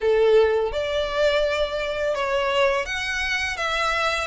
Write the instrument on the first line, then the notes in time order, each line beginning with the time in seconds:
violin
0.01 A4
0.71 D5
2.14 C#5
2.85 F#5
3.56 E5